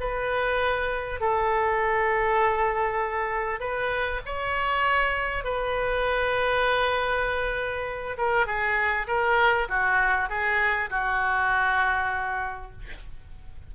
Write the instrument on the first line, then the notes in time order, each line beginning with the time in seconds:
oboe
0.00 B4
1.20 A4
3.60 B4
4.26 C#5
5.44 B4
8.18 A#4
8.46 G#4
9.07 A#4
9.69 F#4
10.29 G#4
10.90 F#4